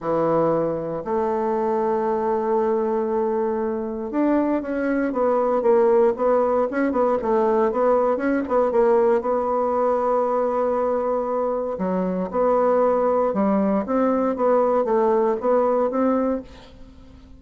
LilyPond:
\new Staff \with { instrumentName = "bassoon" } { \time 4/4 \tempo 4 = 117 e2 a2~ | a1 | d'4 cis'4 b4 ais4 | b4 cis'8 b8 a4 b4 |
cis'8 b8 ais4 b2~ | b2. fis4 | b2 g4 c'4 | b4 a4 b4 c'4 | }